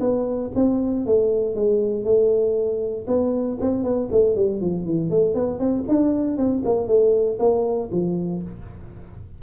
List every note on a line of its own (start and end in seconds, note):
0.00 0.51 B3
0.55 1.06 C4
1.06 1.55 A3
1.55 2.04 G#3
2.04 3.06 A3
3.07 3.58 B3
3.61 3.84 C4
3.84 4.09 B3
4.11 4.35 A3
4.35 4.61 G3
4.61 4.85 F3
4.85 5.10 E3
5.10 5.34 A3
5.34 5.59 B3
5.59 5.85 C4
5.88 6.37 D4
6.37 6.63 C4
6.65 6.88 A#3
6.88 7.38 A3
7.39 7.90 A#3
7.91 8.42 F3